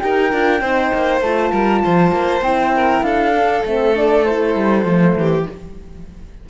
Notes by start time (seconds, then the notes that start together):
0.00 D#4 G4 A#4 G5
0.31 D4 F4
0.61 C4 D#4 C5
0.94 A#3
1.21 A3 F4 A5
1.52 G3 A#4
1.84 F3 C5
2.12 A#3
2.42 C4 E4 G5
2.76 A#4
3.03 D4 A4 F5
3.35 D4
3.65 A3 C4 E5
3.95 D4 D5
4.25 E4 C5
4.55 G3
4.84 F3 A3
5.16 E3 G4